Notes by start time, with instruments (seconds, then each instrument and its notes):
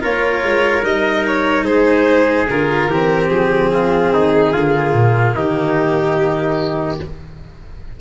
0.00 tuba A#3, cello F4, trumpet A#4, violin C#5
0.44 tuba G#3
0.83 tuba G3, cello D#4, violin D#5
1.27 violin C#5
1.65 tuba G#3, trumpet G#4, violin C5
2.50 tuba D3, cello F4, violin A#4
2.88 tuba E3, cello C4, trumpet G4
3.30 tuba F3, violin G#4
3.74 trumpet F4
4.14 tuba D#3, trumpet D#4
4.53 tuba D3, cello A#3, trumpet F4
4.94 tuba A#2
5.36 tuba D#3, trumpet D#4, violin G4